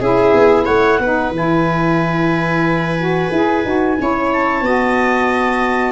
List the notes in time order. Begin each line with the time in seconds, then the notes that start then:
0.00 C#4 E4 G#4 E5
0.34 B3
0.65 A3 C#5 F#5
0.99 B3 D#4 B4
1.30 E3 E4 G#5
2.99 F#4
3.31 E4 G#4
3.64 D#4 F#4
3.98 C#4 E4 C#5
4.33 A5
4.61 B3 F#4 D#5